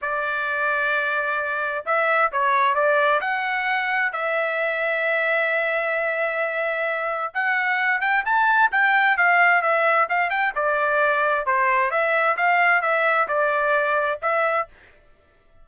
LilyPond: \new Staff \with { instrumentName = "trumpet" } { \time 4/4 \tempo 4 = 131 d''1 | e''4 cis''4 d''4 fis''4~ | fis''4 e''2.~ | e''1 |
fis''4. g''8 a''4 g''4 | f''4 e''4 f''8 g''8 d''4~ | d''4 c''4 e''4 f''4 | e''4 d''2 e''4 | }